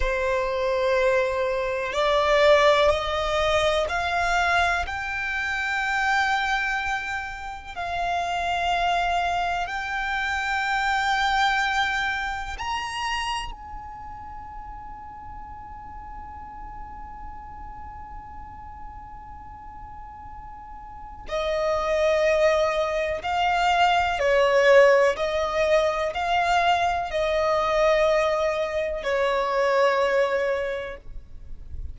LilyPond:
\new Staff \with { instrumentName = "violin" } { \time 4/4 \tempo 4 = 62 c''2 d''4 dis''4 | f''4 g''2. | f''2 g''2~ | g''4 ais''4 gis''2~ |
gis''1~ | gis''2 dis''2 | f''4 cis''4 dis''4 f''4 | dis''2 cis''2 | }